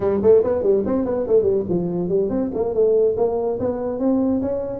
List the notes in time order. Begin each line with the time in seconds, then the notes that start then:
0.00 G3
0.22 A3
0.43 B3
0.62 G3
0.85 C4
1.05 B3
1.27 A3
1.42 G3
1.69 F3
2.09 G3
2.29 C4
2.53 A#3
2.73 A3
3.16 A#3
3.59 B3
3.99 C4
4.41 C#4